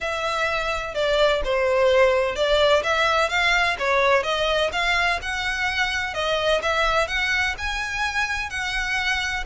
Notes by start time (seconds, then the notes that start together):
0.01 E5
0.94 D5
1.44 C5
2.35 D5
2.83 E5
3.29 F5
3.78 C#5
4.23 D#5
4.72 F5
5.22 F#5
6.14 D#5
6.62 E5
7.07 F#5
7.58 G#5
8.50 F#5